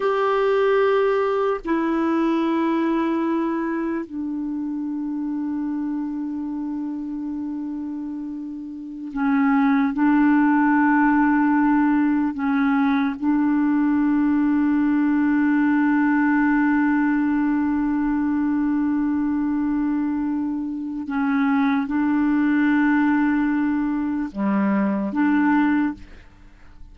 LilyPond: \new Staff \with { instrumentName = "clarinet" } { \time 4/4 \tempo 4 = 74 g'2 e'2~ | e'4 d'2.~ | d'2.~ d'16 cis'8.~ | cis'16 d'2. cis'8.~ |
cis'16 d'2.~ d'8.~ | d'1~ | d'2 cis'4 d'4~ | d'2 g4 d'4 | }